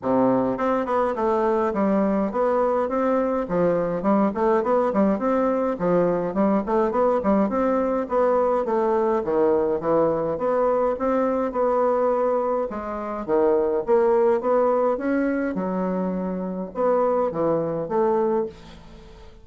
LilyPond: \new Staff \with { instrumentName = "bassoon" } { \time 4/4 \tempo 4 = 104 c4 c'8 b8 a4 g4 | b4 c'4 f4 g8 a8 | b8 g8 c'4 f4 g8 a8 | b8 g8 c'4 b4 a4 |
dis4 e4 b4 c'4 | b2 gis4 dis4 | ais4 b4 cis'4 fis4~ | fis4 b4 e4 a4 | }